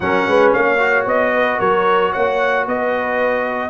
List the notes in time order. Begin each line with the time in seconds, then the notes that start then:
0.00 F#3 C#4 A#4 F#5
0.26 G#3 B4
0.52 A#3 C#5 F5
0.78 F#4
1.05 B3 D#5
1.33 B4
1.59 F#3 A#4 C#5
2.12 A#3 C#5 F#5
2.66 B3 B4 D#5